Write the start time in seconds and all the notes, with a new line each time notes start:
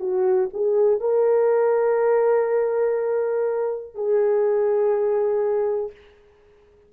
0.00 F#4
0.54 G#4
1.01 A#4
3.94 G#4